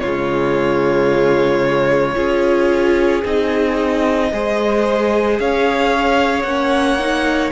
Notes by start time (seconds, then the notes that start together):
0.00 C#3 G#3 F4 C#5
2.15 C#4 F4 G#4
3.25 C4 D#4 D#5
4.32 G#3 G#4 C5
5.39 C#4 C#5 F5
6.43 A#3 C#4 F#5
6.99 D#4